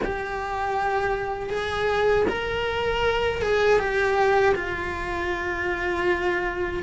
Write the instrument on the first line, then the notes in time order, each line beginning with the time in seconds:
cello
0.04 G4
1.49 G#4
2.28 A#4
3.41 G#4
3.79 G4
4.55 F4